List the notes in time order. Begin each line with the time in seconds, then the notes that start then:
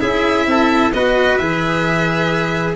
0.00 C#4 E4 G#4 E5
0.46 C4 A4
0.93 B3 F#4 B4 D#5
1.37 E3 G#4 E5